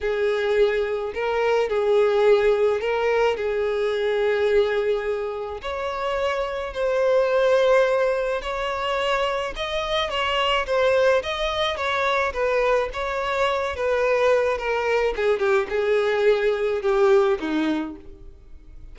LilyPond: \new Staff \with { instrumentName = "violin" } { \time 4/4 \tempo 4 = 107 gis'2 ais'4 gis'4~ | gis'4 ais'4 gis'2~ | gis'2 cis''2 | c''2. cis''4~ |
cis''4 dis''4 cis''4 c''4 | dis''4 cis''4 b'4 cis''4~ | cis''8 b'4. ais'4 gis'8 g'8 | gis'2 g'4 dis'4 | }